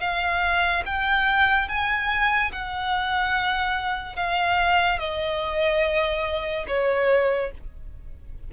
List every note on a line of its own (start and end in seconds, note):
0.00 0.83 F5
0.86 1.69 G5
1.69 2.52 G#5
2.52 4.16 F#5
4.16 4.99 F5
4.99 6.66 D#5
6.68 7.51 C#5